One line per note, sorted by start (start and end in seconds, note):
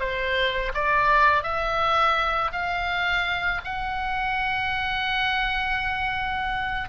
0.00 0.72 C5
0.74 1.43 D5
1.43 2.51 E5
2.52 3.61 F5
3.64 6.89 F#5